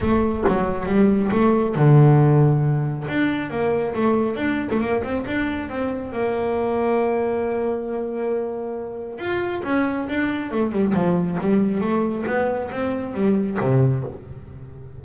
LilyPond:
\new Staff \with { instrumentName = "double bass" } { \time 4/4 \tempo 4 = 137 a4 fis4 g4 a4 | d2. d'4 | ais4 a4 d'8. a16 ais8 c'8 | d'4 c'4 ais2~ |
ais1~ | ais4 f'4 cis'4 d'4 | a8 g8 f4 g4 a4 | b4 c'4 g4 c4 | }